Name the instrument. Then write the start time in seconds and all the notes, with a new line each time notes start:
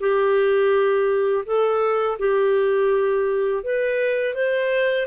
clarinet
0.00 G4
1.46 A4
2.19 G4
3.64 B4
4.34 C5